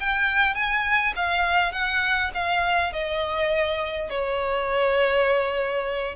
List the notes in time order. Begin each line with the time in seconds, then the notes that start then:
0.00 G5
0.55 G#5
1.16 F5
1.72 F#5
2.35 F5
2.93 D#5
4.10 C#5